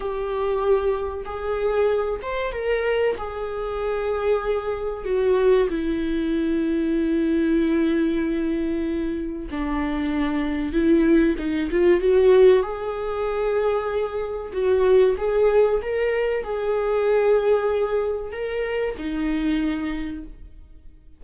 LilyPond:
\new Staff \with { instrumentName = "viola" } { \time 4/4 \tempo 4 = 95 g'2 gis'4. c''8 | ais'4 gis'2. | fis'4 e'2.~ | e'2. d'4~ |
d'4 e'4 dis'8 f'8 fis'4 | gis'2. fis'4 | gis'4 ais'4 gis'2~ | gis'4 ais'4 dis'2 | }